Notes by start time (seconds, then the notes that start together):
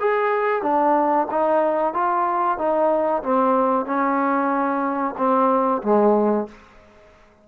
0.00 G#4
0.63 D4
1.31 D#4
1.94 F4
2.58 D#4
3.23 C4
3.86 C#4
5.18 C4
5.83 G#3